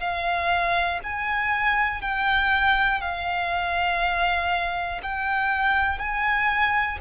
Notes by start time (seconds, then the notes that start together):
0.00 F5
1.04 G#5
2.01 G5
3.01 F5
5.02 G5
5.99 G#5